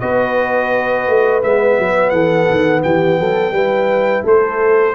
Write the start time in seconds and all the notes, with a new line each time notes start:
0.00 B3 F#4 B4 D#5
1.08 A3
1.43 G#3 B3 E5
1.79 F#3
2.10 E3 A4 F#5
2.50 D#3
2.83 E3 G4 G5
3.19 F#3 A4
3.51 G3 E4 B4
4.24 A3 A4 C5